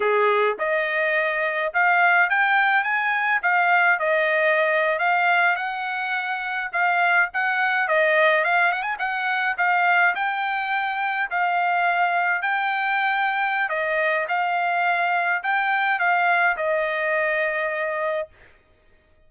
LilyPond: \new Staff \with { instrumentName = "trumpet" } { \time 4/4 \tempo 4 = 105 gis'4 dis''2 f''4 | g''4 gis''4 f''4 dis''4~ | dis''8. f''4 fis''2 f''16~ | f''8. fis''4 dis''4 f''8 fis''16 gis''16 fis''16~ |
fis''8. f''4 g''2 f''16~ | f''4.~ f''16 g''2~ g''16 | dis''4 f''2 g''4 | f''4 dis''2. | }